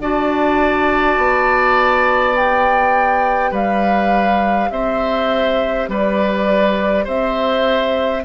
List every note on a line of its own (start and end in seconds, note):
0.00 1.18 D4
0.00 2.34 F#4
0.00 3.52 D5
0.00 2.36 A5
1.18 3.52 B3
2.34 8.22 G4
2.34 3.54 G5
3.52 4.70 G3
3.52 4.69 B4
3.52 4.71 F5
4.71 5.89 C4
4.71 5.90 C5
4.71 5.88 E5
5.89 7.06 G3
5.89 7.05 B4
5.89 7.07 D5
7.05 8.25 C4
7.05 8.23 C5
7.05 8.25 E5